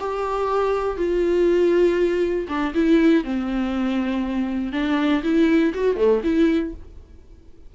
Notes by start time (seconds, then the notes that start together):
0.00 G4
0.98 F4
2.49 D4
2.75 E4
3.24 C4
4.73 D4
5.23 E4
5.74 F#4
5.96 A3
6.24 E4